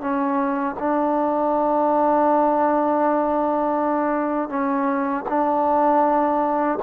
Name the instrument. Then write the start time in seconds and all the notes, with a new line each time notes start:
trombone
0.00 C#4
0.78 D4
4.49 C#4
5.28 D4